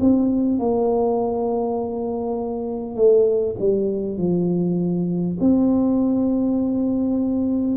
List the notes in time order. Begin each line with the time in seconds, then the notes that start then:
0.00 C4
0.59 A#3
2.96 A3
3.59 G3
4.17 F3
5.40 C4